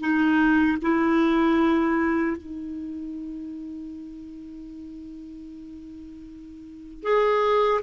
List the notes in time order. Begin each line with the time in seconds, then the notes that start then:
0.00 D#4
0.82 E4
2.37 D#4
7.03 G#4